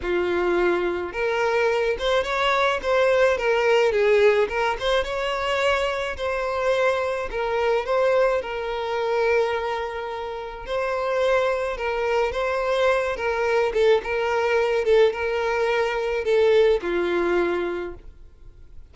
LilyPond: \new Staff \with { instrumentName = "violin" } { \time 4/4 \tempo 4 = 107 f'2 ais'4. c''8 | cis''4 c''4 ais'4 gis'4 | ais'8 c''8 cis''2 c''4~ | c''4 ais'4 c''4 ais'4~ |
ais'2. c''4~ | c''4 ais'4 c''4. ais'8~ | ais'8 a'8 ais'4. a'8 ais'4~ | ais'4 a'4 f'2 | }